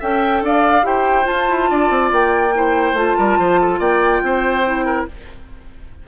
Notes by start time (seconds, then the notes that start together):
0.00 C#4 A4 E5 G5
0.42 D4 D5 F5
0.83 E4 G4 C5 G5
1.23 F4 A5
1.50 E4
1.70 D4 D5
1.90 C4
2.12 A#3 G5
2.55 E4 C5
2.93 A3 F4 A5
3.18 G3 A#4
3.39 F3 C5
3.62 A4
3.80 A#3 D5 G5
4.23 C4 C5
4.65 E4
4.86 A#4